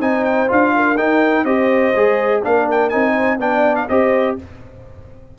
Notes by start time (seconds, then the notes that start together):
0.00 C4 D#4 C5 G#5
0.25 G5
0.47 D4 F4 F5
0.76 A#4
0.97 D#4 G5
1.44 C4 G4 C5 D#5
1.96 G#3 G#4
2.42 A#3 D4 A#4 F5
2.71 G5
2.89 C4 D#4 G#5
3.12 C5
3.39 B3 D4 D5 G5
3.76 F5
3.89 C4 G4 C5 D#5